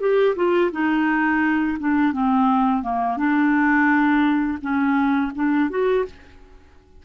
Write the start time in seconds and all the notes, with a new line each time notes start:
0.00 G4
0.35 F4
0.72 D#4
1.79 D4
2.12 C4
2.82 A#3
3.17 D4
4.61 C#4
5.35 D4
5.70 F#4